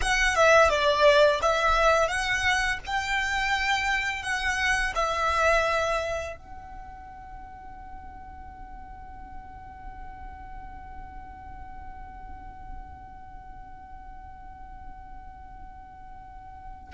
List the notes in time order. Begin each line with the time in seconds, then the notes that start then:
0.01 F#5
0.35 E5
0.69 D5
1.42 E5
2.08 F#5
2.86 G5
4.22 F#5
4.95 E5
6.36 F#5